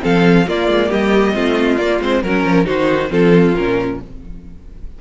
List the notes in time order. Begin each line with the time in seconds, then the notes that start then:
0.00 F3 C4 A4 F5
0.47 A#3 F4 D5
0.68 G#3
0.89 G3 G4 D#5
1.33 A3 C4 F4
1.77 A#3 D5
2.01 G#3 C4 C5
2.23 F#3 C#4 A#4
2.44 F3
2.64 D#3 D#4 F#4 C5
3.10 F3 C4 F4 A4
3.56 A#2 C#4 A#4